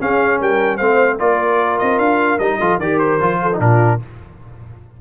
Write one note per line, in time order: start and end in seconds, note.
0.00 0.80 C#4
0.00 0.41 C#4
0.00 0.41 G#4
0.00 0.42 F5
0.41 0.81 G3
0.41 0.78 A#4
0.41 0.78 G5
0.78 1.21 A3
0.78 1.20 C4
0.78 1.18 C5
0.78 1.18 F5
1.20 1.81 A#3
1.20 2.40 F4
1.20 2.60 A#4
1.20 1.79 D5
1.79 1.99 C4
1.79 1.99 D#5
1.99 2.39 D4
1.99 2.39 F5
2.39 2.60 G3
2.39 2.61 D#4
2.39 2.79 D#5
2.60 2.79 F3
2.60 2.81 F4
2.60 2.80 A4
2.79 3.19 D#3
2.79 3.21 G4
2.79 3.40 A#4
2.79 2.99 D5
2.99 3.59 C5
3.21 3.60 F3
3.21 3.51 F4
3.42 3.61 A4
3.54 4.00 D4
3.54 3.60 D#4
3.60 4.00 A#2
3.60 4.01 F4
3.60 4.01 A#4